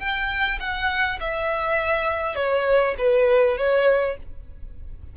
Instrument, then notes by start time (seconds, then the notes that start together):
violin
0.00 G5
0.60 F#5
1.21 E5
2.36 C#5
2.99 B4
3.58 C#5